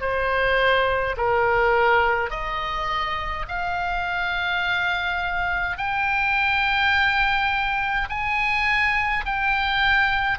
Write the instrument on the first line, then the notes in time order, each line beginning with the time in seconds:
oboe
0.00 C5
1.16 A#4
2.30 D#5
3.48 F5
5.77 G5
8.09 G#5
9.25 G5